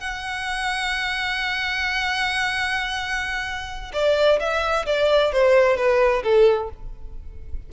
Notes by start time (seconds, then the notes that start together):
0.00 F#5
3.93 D5
4.40 E5
4.86 D5
5.33 C5
5.77 B4
6.23 A4